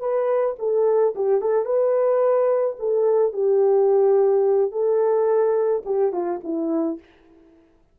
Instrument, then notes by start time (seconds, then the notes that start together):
horn
0.00 B4
0.59 A4
1.15 G4
1.41 A4
1.65 B4
2.80 A4
3.33 G4
4.71 A4
5.85 G4
6.13 F4
6.44 E4